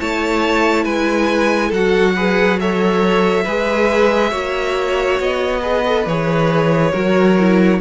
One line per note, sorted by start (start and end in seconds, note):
0.00 0.85 A3
0.00 1.74 E4
0.00 0.84 C#5
0.00 0.85 A5
0.84 1.72 G#3
0.84 1.69 B4
0.84 1.72 G#5
1.69 3.46 F#3
1.69 2.12 A4
1.69 2.60 F#5
1.75 2.17 F#4
2.16 2.59 G#4
2.16 2.60 B4
2.59 3.46 A4
2.59 3.44 C#5
2.59 5.21 E5
3.44 4.33 G#3
3.44 4.31 G#4
3.44 4.31 B4
4.31 5.20 A#3
4.31 5.62 F#4
4.31 5.61 C#5
5.20 6.07 B3
5.20 6.08 D#5
5.62 5.84 G#4
5.62 6.92 B4
5.86 6.08 A4
6.07 6.93 E3
6.07 6.93 G#4
6.07 7.81 C#5
6.93 7.81 F#3
6.93 7.37 F#4
6.93 7.80 A#4
7.40 7.81 E4